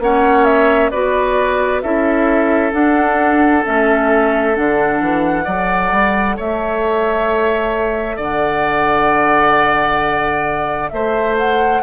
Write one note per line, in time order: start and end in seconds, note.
0.00 0.91 A#3
0.00 0.93 C#4
0.00 0.91 C#5
0.00 0.45 F#5
0.45 0.90 E5
0.91 1.84 B3
0.91 1.84 F#4
0.91 1.82 B4
0.91 1.82 D5
1.82 2.73 C#4
1.82 2.72 E4
1.82 5.45 A4
1.82 2.73 E5
2.72 3.63 D4
2.72 3.64 D4
2.72 3.64 F#5
3.64 4.58 A3
3.64 4.55 C#4
3.64 4.56 E5
4.55 5.01 D3
4.55 5.45 D4
4.55 6.38 F#5
5.01 5.47 E3
5.45 5.92 F#3
5.45 11.81 A4
5.45 6.36 D5
5.92 6.37 G3
6.37 8.18 A3
6.37 8.17 C#5
6.37 8.19 E5
8.17 10.91 D3
8.17 10.90 D5
8.17 10.90 F#5
10.90 11.83 A3
10.90 11.83 C5
10.90 11.35 E5
11.38 11.83 F#5